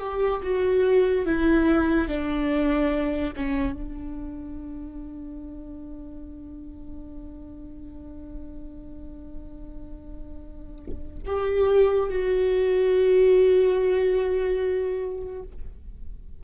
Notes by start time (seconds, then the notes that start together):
0.00 G4
0.44 F#4
1.26 E4
2.09 D4
3.37 C#4
3.73 D4
11.26 G4
12.10 F#4